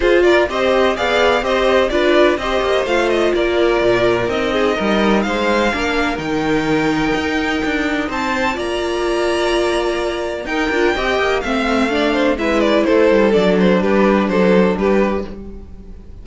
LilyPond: <<
  \new Staff \with { instrumentName = "violin" } { \time 4/4 \tempo 4 = 126 c''8 d''8 dis''4 f''4 dis''4 | d''4 dis''4 f''8 dis''8 d''4~ | d''4 dis''2 f''4~ | f''4 g''2.~ |
g''4 a''4 ais''2~ | ais''2 g''2 | f''2 e''8 d''8 c''4 | d''8 c''8 b'4 c''4 b'4 | }
  \new Staff \with { instrumentName = "violin" } { \time 4/4 gis'8 ais'8 c''4 d''4 c''4 | b'4 c''2 ais'4~ | ais'4. gis'8 ais'4 c''4 | ais'1~ |
ais'4 c''4 d''2~ | d''2 ais'4 dis''4 | e''4 d''8 c''8 b'4 a'4~ | a'4 g'4 a'4 g'4 | }
  \new Staff \with { instrumentName = "viola" } { \time 4/4 f'4 g'4 gis'4 g'4 | f'4 g'4 f'2~ | f'4 dis'2. | d'4 dis'2.~ |
dis'2 f'2~ | f'2 dis'8 f'8 g'4 | c'4 d'4 e'2 | d'1 | }
  \new Staff \with { instrumentName = "cello" } { \time 4/4 f'4 c'4 b4 c'4 | d'4 c'8 ais8 a4 ais4 | ais,4 c'4 g4 gis4 | ais4 dis2 dis'4 |
d'4 c'4 ais2~ | ais2 dis'8 d'8 c'8 ais8 | a2 gis4 a8 g8 | fis4 g4 fis4 g4 | }
>>